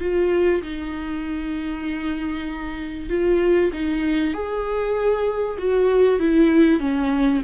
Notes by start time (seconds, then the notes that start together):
0.00 F4
0.62 D#4
3.09 F4
3.73 D#4
4.34 G#4
5.58 F#4
6.19 E4
6.80 C#4